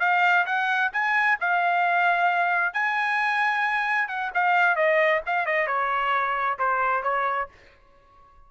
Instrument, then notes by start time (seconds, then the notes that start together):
trumpet
0.00 F5
0.46 F#5
0.93 G#5
1.40 F5
2.73 G#5
4.08 F#5
4.34 F5
4.76 D#5
5.26 F5
5.46 D#5
5.67 C#5
6.59 C5
7.03 C#5